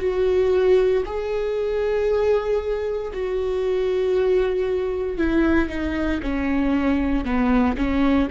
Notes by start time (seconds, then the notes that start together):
0.00 F#4
1.06 G#4
3.14 F#4
5.18 E4
5.69 D#4
6.23 C#4
7.25 B3
7.78 C#4